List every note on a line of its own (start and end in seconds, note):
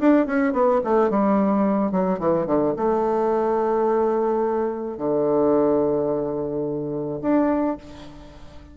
0.00 0.27 D4
0.27 0.53 C#4
0.53 0.81 B3
0.84 1.10 A3
1.10 1.92 G3
1.92 2.19 F#3
2.19 2.47 E3
2.47 2.74 D3
2.77 4.98 A3
4.98 7.20 D3
7.22 7.78 D4